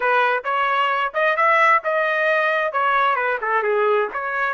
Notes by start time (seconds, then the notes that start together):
0.00 B4
0.44 C#5
1.14 D#5
1.36 E5
1.83 D#5
2.72 C#5
3.15 B4
3.41 A4
3.62 G#4
4.13 C#5